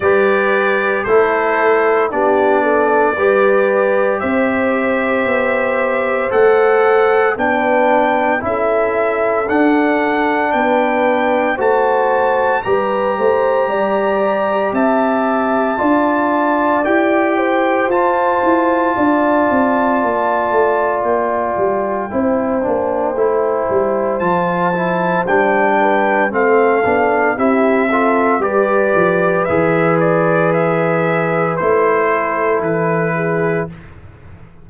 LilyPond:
<<
  \new Staff \with { instrumentName = "trumpet" } { \time 4/4 \tempo 4 = 57 d''4 c''4 d''2 | e''2 fis''4 g''4 | e''4 fis''4 g''4 a''4 | ais''2 a''2 |
g''4 a''2. | g''2. a''4 | g''4 f''4 e''4 d''4 | e''8 d''8 e''4 c''4 b'4 | }
  \new Staff \with { instrumentName = "horn" } { \time 4/4 b'4 a'4 g'8 a'8 b'4 | c''2. b'4 | a'2 b'4 c''4 | b'8 c''8 d''4 e''4 d''4~ |
d''8 c''4. d''2~ | d''4 c''2.~ | c''8 b'8 a'4 g'8 a'8 b'4~ | b'2~ b'8 a'4 gis'8 | }
  \new Staff \with { instrumentName = "trombone" } { \time 4/4 g'4 e'4 d'4 g'4~ | g'2 a'4 d'4 | e'4 d'2 fis'4 | g'2. f'4 |
g'4 f'2.~ | f'4 e'8 d'8 e'4 f'8 e'8 | d'4 c'8 d'8 e'8 f'8 g'4 | gis'2 e'2 | }
  \new Staff \with { instrumentName = "tuba" } { \time 4/4 g4 a4 b4 g4 | c'4 b4 a4 b4 | cis'4 d'4 b4 a4 | g8 a8 g4 c'4 d'4 |
e'4 f'8 e'8 d'8 c'8 ais8 a8 | ais8 g8 c'8 ais8 a8 g8 f4 | g4 a8 b8 c'4 g8 f8 | e2 a4 e4 | }
>>